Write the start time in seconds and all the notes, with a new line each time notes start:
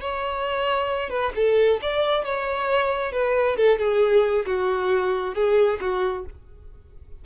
0.00 C#5
1.09 B4
1.35 A4
1.81 D5
2.24 C#5
3.12 B4
3.56 A4
3.78 G#4
4.45 F#4
5.34 G#4
5.80 F#4